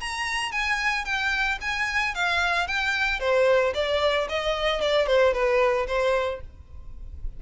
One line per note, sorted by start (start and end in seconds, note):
0.00 0.52 A#5
0.52 1.05 G#5
1.05 1.58 G5
1.61 2.14 G#5
2.14 2.67 F5
2.67 3.20 G5
3.20 3.73 C5
3.74 4.27 D5
4.29 4.81 D#5
4.81 5.06 D5
5.06 5.33 C5
5.33 5.86 B4
5.87 6.40 C5